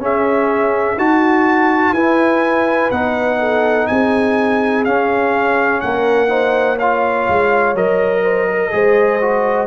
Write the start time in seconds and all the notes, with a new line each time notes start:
0.00 C#4 G#4 E5
0.97 D#4 F#4 A5
1.93 E4 B4 G#5
2.92 B3 D#4 F#5
3.40 A4
3.87 C4 G#4 G#5
4.85 C#4 F5
5.81 A#3 A#4 F#5
6.28 D#4 C5
6.76 F4 C#5 F5
7.29 G#3
7.75 F#3 A#4 D#5
8.24 C5
8.48 A#4
8.71 G#3 G#4 C5
9.21 F#4